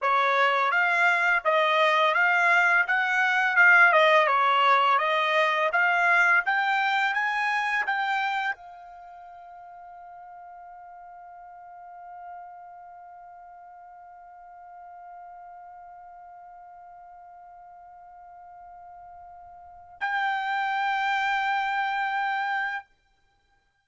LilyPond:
\new Staff \with { instrumentName = "trumpet" } { \time 4/4 \tempo 4 = 84 cis''4 f''4 dis''4 f''4 | fis''4 f''8 dis''8 cis''4 dis''4 | f''4 g''4 gis''4 g''4 | f''1~ |
f''1~ | f''1~ | f''1 | g''1 | }